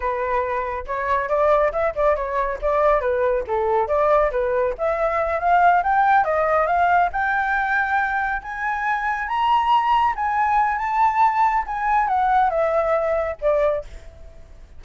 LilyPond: \new Staff \with { instrumentName = "flute" } { \time 4/4 \tempo 4 = 139 b'2 cis''4 d''4 | e''8 d''8 cis''4 d''4 b'4 | a'4 d''4 b'4 e''4~ | e''8 f''4 g''4 dis''4 f''8~ |
f''8 g''2. gis''8~ | gis''4. ais''2 gis''8~ | gis''4 a''2 gis''4 | fis''4 e''2 d''4 | }